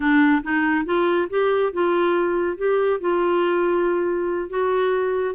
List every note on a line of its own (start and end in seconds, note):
0.00 0.41 D4
0.43 0.85 D#4
0.85 1.28 F4
1.29 1.72 G4
1.72 2.57 F4
2.57 3.00 G4
3.00 4.49 F4
4.49 5.35 F#4